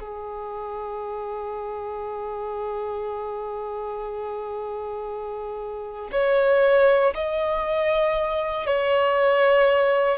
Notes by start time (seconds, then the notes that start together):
0.00 G#4
6.12 C#5
7.15 D#5
8.66 C#5